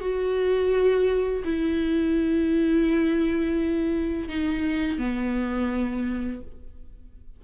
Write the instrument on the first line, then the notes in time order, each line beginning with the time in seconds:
viola
0.00 F#4
1.44 E4
4.29 D#4
4.98 B3